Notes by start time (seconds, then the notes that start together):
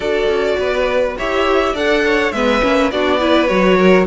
0.00 D4 F#4 A4 D5
0.27 C#4
0.58 B3 B4
1.17 E4 G4 C#5 E5
1.73 D4 A4 D5 F#5
2.05 C#5
2.32 G#3 B3 B4 E5
2.61 A#3 C#4
2.91 B3 D4 F#4 D5
3.19 E4 B4
3.47 F#3 F#4 C#5
3.77 A#4